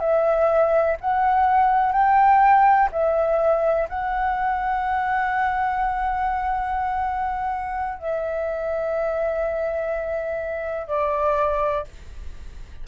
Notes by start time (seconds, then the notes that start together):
0.00 E5
1.01 F#5
1.92 G5
2.92 E5
3.89 F#5
7.99 E5
10.88 D5